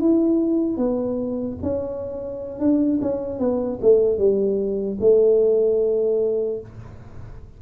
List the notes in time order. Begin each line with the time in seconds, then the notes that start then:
0.00 E4
0.77 B3
1.63 C#4
2.59 D4
3.01 C#4
3.39 B3
3.81 A3
4.18 G3
5.00 A3